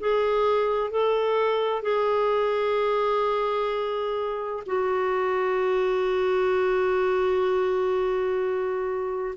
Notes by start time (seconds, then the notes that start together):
0.00 G#4
0.91 A4
1.82 G#4
4.66 F#4